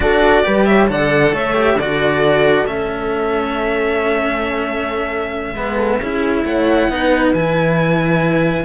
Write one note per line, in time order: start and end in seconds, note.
0.00 0.43 D4
0.00 0.43 F#4
0.00 0.45 A4
0.00 0.65 D5
0.43 0.89 G3
0.43 0.87 G4
0.43 0.67 B4
0.65 0.90 C#5
0.65 0.87 E5
0.87 1.32 D3
0.87 1.54 A4
0.87 1.33 D5
0.87 1.35 F#5
1.32 1.75 A3
1.32 1.76 C#5
1.32 1.79 E5
1.54 1.76 G4
1.75 2.64 D3
1.75 5.54 A4
1.75 2.66 D5
1.81 2.66 F#4
2.66 5.53 A3
2.66 5.55 C#4
2.66 6.44 E5
5.53 5.98 G#3
5.53 6.00 B3
5.53 5.77 B4
5.77 5.99 A4
5.99 6.43 C#4
5.99 6.90 E4
5.99 6.45 G#4
6.44 6.88 A3
6.44 6.90 C#5
6.44 7.33 F#5
6.88 7.32 B3
6.88 7.35 D#4
6.88 8.64 B4
7.33 8.64 E3
7.33 8.64 E4
7.33 8.64 G#5